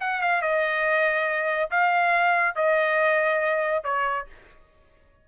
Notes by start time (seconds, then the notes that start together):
0.00 F#5
0.21 F5
0.42 D#5
1.71 F5
2.55 D#5
3.84 C#5